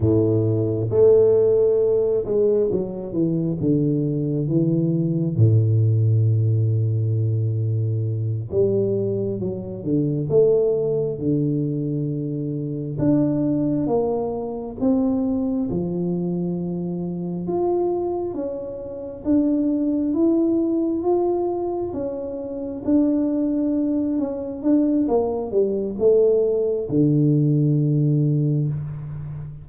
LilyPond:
\new Staff \with { instrumentName = "tuba" } { \time 4/4 \tempo 4 = 67 a,4 a4. gis8 fis8 e8 | d4 e4 a,2~ | a,4. g4 fis8 d8 a8~ | a8 d2 d'4 ais8~ |
ais8 c'4 f2 f'8~ | f'8 cis'4 d'4 e'4 f'8~ | f'8 cis'4 d'4. cis'8 d'8 | ais8 g8 a4 d2 | }